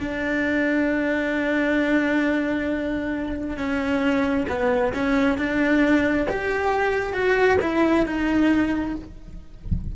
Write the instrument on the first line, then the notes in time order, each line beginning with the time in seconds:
cello
0.00 D4
3.57 C#4
4.49 B3
4.94 C#4
5.38 D4
6.29 G4
7.13 F#4
7.61 E4
8.06 D#4